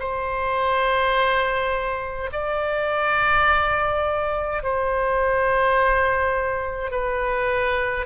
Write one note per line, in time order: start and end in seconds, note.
0.00 2.31 C5
2.32 4.63 D5
4.63 6.91 C5
6.91 8.06 B4